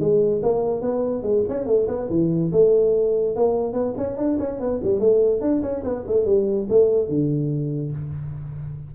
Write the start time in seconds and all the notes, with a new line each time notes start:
0.00 G#3
0.43 A#3
0.81 B3
1.23 G#3
1.49 C#4
1.66 A3
1.88 B3
2.10 E3
2.52 A3
3.36 A#3
3.73 B3
3.97 C#4
4.17 D4
4.39 C#4
4.60 B3
4.84 G3
5.00 A3
5.41 D4
5.62 C#4
5.84 B3
6.07 A3
6.26 G3
6.69 A3
7.09 D3